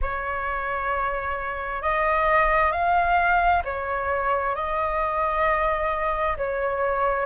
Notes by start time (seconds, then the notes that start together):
0.01 C#5
1.81 D#5
2.71 F5
3.64 C#5
4.55 D#5
6.37 C#5